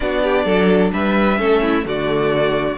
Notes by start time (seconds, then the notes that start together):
0.00 B3 D4 F#4 D5
0.23 G4
0.44 F#3 A4
0.92 G3 B4 E5
1.38 A3 C#4 A4
1.62 E4
1.84 D3 A3 F#4 D5